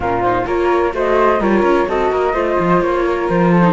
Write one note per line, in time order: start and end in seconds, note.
0.00 0.44 A#2
0.00 0.23 C#4
0.00 0.46 F4
0.00 0.22 A#4
0.22 0.44 D#4
0.22 0.45 C5
0.44 0.93 A#3
0.44 0.91 F4
0.44 0.93 A#4
0.44 0.94 C#5
0.92 1.40 A3
0.92 1.39 F#4
0.92 1.40 C5
0.92 1.42 D#5
1.40 1.62 G3
1.40 1.88 F4
1.40 1.87 A#4
1.40 1.89 C#5
1.62 1.85 C#4
1.88 2.11 C4
1.88 2.33 F#4
1.88 2.11 A4
1.88 2.81 D#5
2.11 2.33 A#3
2.11 2.33 A#4
2.33 2.56 A3
2.33 3.62 F4
2.33 3.03 C5
2.59 2.81 F3
2.81 3.28 A#3
2.81 3.28 C#5
3.05 3.51 A#4
3.29 3.72 F3
3.29 3.72 C5
3.51 3.72 A4
3.62 3.72 D#4